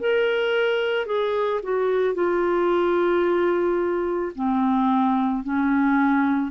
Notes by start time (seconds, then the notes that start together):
0.00 A#4
1.07 G#4
1.63 F#4
2.15 F4
4.35 C4
5.44 C#4